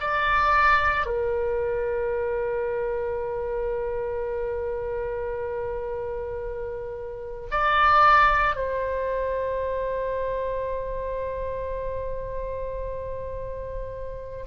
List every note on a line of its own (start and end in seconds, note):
0.00 1.06 D5
1.06 7.49 A#4
7.50 8.55 D5
8.55 14.44 C5